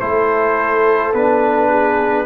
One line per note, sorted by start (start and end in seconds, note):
0.00 1.14 A3
0.00 1.13 E4
0.00 1.69 A4
0.00 1.13 C5
1.14 2.26 B3
1.14 2.26 D4
1.14 2.26 B4
1.69 2.25 G#4